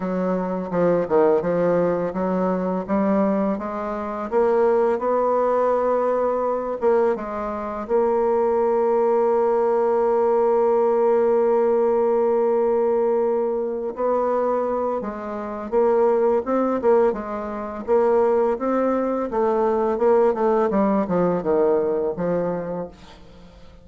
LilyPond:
\new Staff \with { instrumentName = "bassoon" } { \time 4/4 \tempo 4 = 84 fis4 f8 dis8 f4 fis4 | g4 gis4 ais4 b4~ | b4. ais8 gis4 ais4~ | ais1~ |
ais2.~ ais8 b8~ | b4 gis4 ais4 c'8 ais8 | gis4 ais4 c'4 a4 | ais8 a8 g8 f8 dis4 f4 | }